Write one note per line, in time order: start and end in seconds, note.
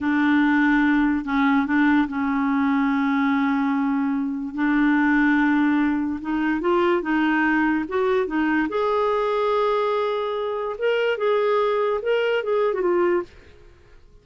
0.00 1.25 D4
1.25 1.66 C#4
1.66 2.07 D4
2.08 4.54 C#4
4.54 6.20 D4
6.21 6.60 D#4
6.60 7.01 F4
7.01 7.84 D#4
7.88 8.26 F#4
8.26 8.68 D#4
8.69 10.75 G#4
10.78 11.17 A#4
11.17 12.00 G#4
12.02 12.43 A#4
12.43 12.74 G#4
12.74 12.81 F#4
12.81 13.23 F4